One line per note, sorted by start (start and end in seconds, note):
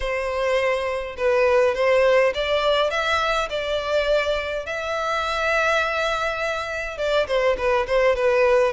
0.00 1.15 C5
1.17 1.74 B4
1.74 2.33 C5
2.34 2.90 D5
2.90 3.48 E5
3.49 4.66 D5
4.66 6.97 E5
6.97 7.26 D5
7.27 7.56 C5
7.57 7.86 B4
7.86 8.15 C5
8.15 8.72 B4